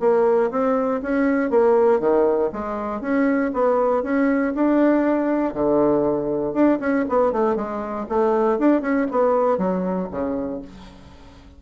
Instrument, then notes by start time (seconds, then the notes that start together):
bassoon
0.00 A#3
0.51 C4
1.02 C#4
1.50 A#3
2.00 D#3
2.53 G#3
3.01 C#4
3.53 B3
4.03 C#4
4.55 D4
5.54 D3
6.53 D4
6.80 C#4
7.09 B3
7.33 A3
7.56 G#3
8.09 A3
8.59 D4
8.82 C#4
9.11 B3
9.58 F#3
10.11 C#3